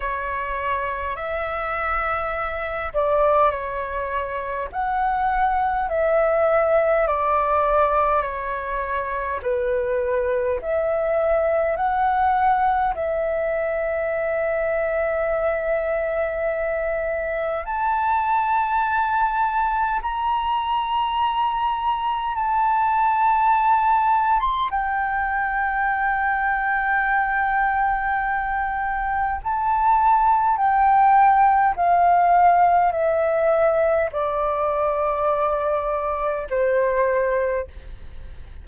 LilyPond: \new Staff \with { instrumentName = "flute" } { \time 4/4 \tempo 4 = 51 cis''4 e''4. d''8 cis''4 | fis''4 e''4 d''4 cis''4 | b'4 e''4 fis''4 e''4~ | e''2. a''4~ |
a''4 ais''2 a''4~ | a''8. c'''16 g''2.~ | g''4 a''4 g''4 f''4 | e''4 d''2 c''4 | }